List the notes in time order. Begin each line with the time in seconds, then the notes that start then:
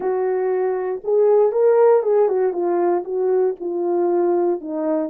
0.00 F#4
1.04 G#4
1.52 A#4
2.02 G#4
2.28 F#4
2.52 F4
3.04 F#4
3.60 F4
4.60 D#4